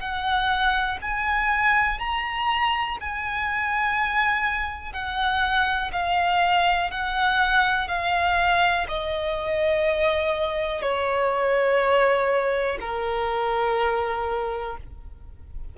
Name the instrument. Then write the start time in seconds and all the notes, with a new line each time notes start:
violin
0.00 F#5
1.02 G#5
1.99 A#5
3.00 G#5
4.93 F#5
5.93 F5
6.91 F#5
7.88 F5
8.89 D#5
10.82 C#5
12.80 A#4